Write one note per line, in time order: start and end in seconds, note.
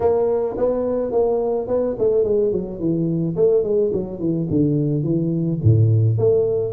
0.00 0.56 A#3
0.57 1.11 B3
1.11 1.67 A#3
1.67 1.95 B3
1.98 2.24 A3
2.24 2.52 G#3
2.52 2.79 F#3
2.79 3.35 E3
3.35 3.63 A3
3.63 3.91 G#3
3.93 4.19 F#3
4.19 4.47 E3
4.50 5.03 D3
5.03 5.59 E3
5.63 6.18 A2
6.18 6.72 A3